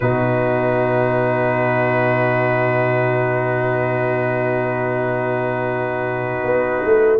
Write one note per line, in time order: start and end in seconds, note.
0.00 6.43 B2
0.00 7.19 D#4
0.00 7.19 F#4
0.00 7.19 B4
6.43 6.81 B3
6.84 7.19 A3